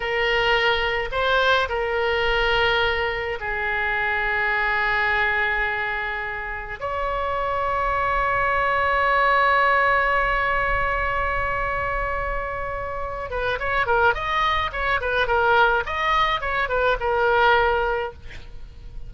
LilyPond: \new Staff \with { instrumentName = "oboe" } { \time 4/4 \tempo 4 = 106 ais'2 c''4 ais'4~ | ais'2 gis'2~ | gis'1 | cis''1~ |
cis''1~ | cis''2.~ cis''8 b'8 | cis''8 ais'8 dis''4 cis''8 b'8 ais'4 | dis''4 cis''8 b'8 ais'2 | }